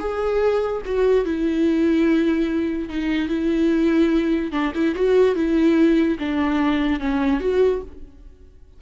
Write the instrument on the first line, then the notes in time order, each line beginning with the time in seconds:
viola
0.00 G#4
0.86 F#4
1.25 E4
2.89 D#4
3.29 E4
4.52 D4
4.75 E4
4.95 F#4
5.36 E4
6.19 D4
7.00 C#4
7.40 F#4